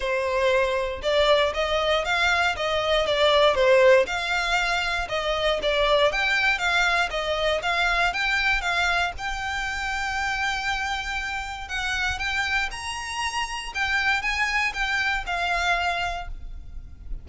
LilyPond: \new Staff \with { instrumentName = "violin" } { \time 4/4 \tempo 4 = 118 c''2 d''4 dis''4 | f''4 dis''4 d''4 c''4 | f''2 dis''4 d''4 | g''4 f''4 dis''4 f''4 |
g''4 f''4 g''2~ | g''2. fis''4 | g''4 ais''2 g''4 | gis''4 g''4 f''2 | }